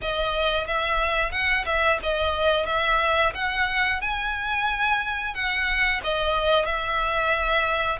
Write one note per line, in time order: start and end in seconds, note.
0.01 0.67 D#5
0.67 1.31 E5
1.31 1.65 F#5
1.65 1.98 E5
2.02 2.66 D#5
2.66 3.32 E5
3.34 4.01 F#5
4.01 5.34 G#5
5.34 6.01 F#5
6.03 6.65 D#5
6.65 7.98 E5